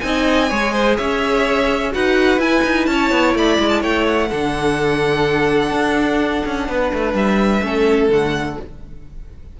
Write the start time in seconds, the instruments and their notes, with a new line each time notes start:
0.00 cello C4, viola D#4, violin G#5
0.06 violin D#5
0.49 cello G#3, viola G#4, violin C#5
0.73 violin C5
0.96 cello C#4, violin C#5 E5
1.91 cello D#4, viola F#4, violin B4 F#5
2.38 cello E4, viola E4, violin G#5
2.63 cello D#4
2.86 cello C#4, violin C#5 A5
3.11 cello B3
3.34 cello A3, violin D5 B5
3.59 cello G#3
3.69 violin A5
3.81 cello A3, violin C#5 G5
4.06 violin F#5
4.29 cello D3, viola D4, violin A4
5.71 cello D4
6.45 cello C#4
6.68 cello B3, violin B4
6.93 cello A3
7.14 cello G3, violin E5
7.62 cello A3, viola C#4, violin A4
8.09 cello D3, viola A3, violin F#5